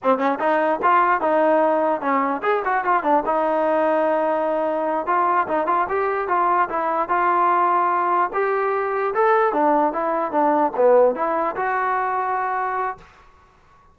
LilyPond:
\new Staff \with { instrumentName = "trombone" } { \time 4/4 \tempo 4 = 148 c'8 cis'8 dis'4 f'4 dis'4~ | dis'4 cis'4 gis'8 fis'8 f'8 d'8 | dis'1~ | dis'8 f'4 dis'8 f'8 g'4 f'8~ |
f'8 e'4 f'2~ f'8~ | f'8 g'2 a'4 d'8~ | d'8 e'4 d'4 b4 e'8~ | e'8 fis'2.~ fis'8 | }